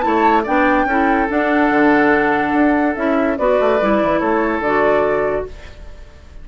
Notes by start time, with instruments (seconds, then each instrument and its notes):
0.00 bassoon A3, clarinet E4, oboe C#5, flute A5
0.43 bassoon B3, clarinet D4, oboe D5, flute G5
0.85 bassoon C#4, clarinet E4, oboe A4
1.28 clarinet D4, bassoon D4, flute F#5
1.70 bassoon D3
2.53 bassoon D4
2.95 bassoon C#4, clarinet E4, flute E5
3.37 bassoon B3, clarinet F#4, oboe B4, flute D5
3.60 bassoon A3
3.80 bassoon G3, clarinet E4
4.02 bassoon E3
4.19 bassoon A3, oboe A4, flute C#5
4.59 bassoon D3, clarinet F#4, flute D5